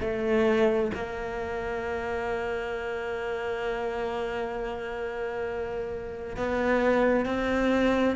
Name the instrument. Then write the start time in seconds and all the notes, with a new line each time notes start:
cello
0.00 A3
0.94 A#3
6.36 B3
7.25 C4